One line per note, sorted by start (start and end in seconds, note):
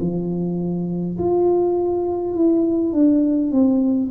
0.00 1.18 F3
1.18 2.34 F4
2.34 2.93 E4
2.93 3.51 D4
3.51 4.10 C4